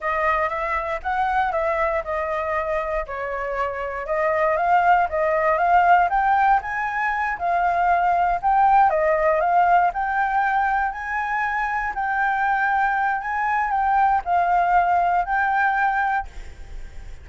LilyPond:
\new Staff \with { instrumentName = "flute" } { \time 4/4 \tempo 4 = 118 dis''4 e''4 fis''4 e''4 | dis''2 cis''2 | dis''4 f''4 dis''4 f''4 | g''4 gis''4. f''4.~ |
f''8 g''4 dis''4 f''4 g''8~ | g''4. gis''2 g''8~ | g''2 gis''4 g''4 | f''2 g''2 | }